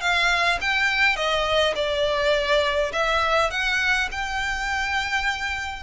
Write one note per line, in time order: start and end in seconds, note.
0.00 0.58 F5
0.61 1.16 G5
1.16 1.74 D#5
1.75 2.92 D5
2.92 3.50 E5
3.50 4.09 F#5
4.11 5.83 G5